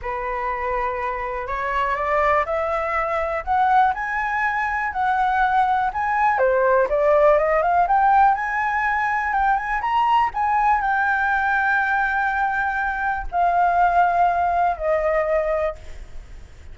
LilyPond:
\new Staff \with { instrumentName = "flute" } { \time 4/4 \tempo 4 = 122 b'2. cis''4 | d''4 e''2 fis''4 | gis''2 fis''2 | gis''4 c''4 d''4 dis''8 f''8 |
g''4 gis''2 g''8 gis''8 | ais''4 gis''4 g''2~ | g''2. f''4~ | f''2 dis''2 | }